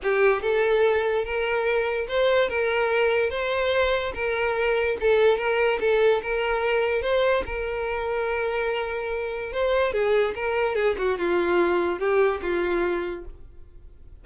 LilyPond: \new Staff \with { instrumentName = "violin" } { \time 4/4 \tempo 4 = 145 g'4 a'2 ais'4~ | ais'4 c''4 ais'2 | c''2 ais'2 | a'4 ais'4 a'4 ais'4~ |
ais'4 c''4 ais'2~ | ais'2. c''4 | gis'4 ais'4 gis'8 fis'8 f'4~ | f'4 g'4 f'2 | }